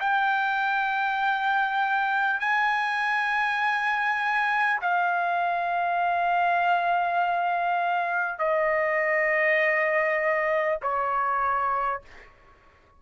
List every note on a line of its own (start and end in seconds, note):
0.00 2.39 G5
2.39 4.79 G#5
4.81 8.38 F5
8.38 10.78 D#5
10.82 12.02 C#5